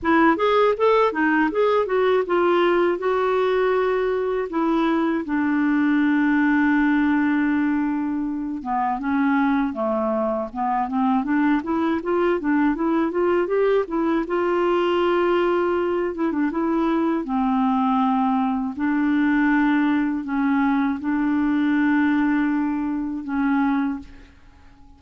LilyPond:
\new Staff \with { instrumentName = "clarinet" } { \time 4/4 \tempo 4 = 80 e'8 gis'8 a'8 dis'8 gis'8 fis'8 f'4 | fis'2 e'4 d'4~ | d'2.~ d'8 b8 | cis'4 a4 b8 c'8 d'8 e'8 |
f'8 d'8 e'8 f'8 g'8 e'8 f'4~ | f'4. e'16 d'16 e'4 c'4~ | c'4 d'2 cis'4 | d'2. cis'4 | }